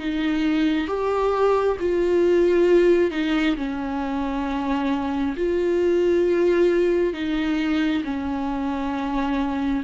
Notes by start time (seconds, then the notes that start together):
0.00 D#4
0.88 G4
1.80 F4
3.11 D#4
3.57 C#4
5.37 F4
7.14 D#4
8.05 C#4